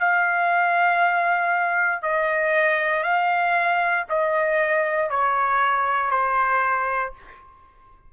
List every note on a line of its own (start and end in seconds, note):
0.00 2.02 F5
2.02 3.03 D#5
3.03 4.05 F5
4.09 5.10 D#5
5.10 6.11 C#5
6.11 7.13 C5